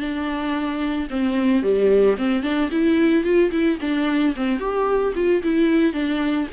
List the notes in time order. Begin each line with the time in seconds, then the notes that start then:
0.00 D4
1.10 C4
1.63 G3
2.18 C4
2.43 D4
2.71 E4
3.24 F4
3.52 E4
3.81 D4
4.36 C4
4.59 G4
5.15 F4
5.43 E4
5.93 D4